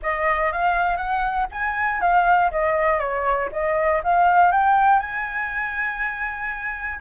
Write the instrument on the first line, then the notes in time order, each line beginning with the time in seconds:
flute
0.02 D#5
0.52 F5
0.97 F#5
1.51 G#5
2.00 F5
2.51 D#5
2.99 C#5
3.51 D#5
4.03 F5
4.51 G5
4.99 G#5